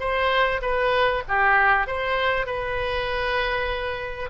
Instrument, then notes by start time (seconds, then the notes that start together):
oboe
0.00 C5
0.62 B4
1.28 G4
1.87 C5
2.46 B4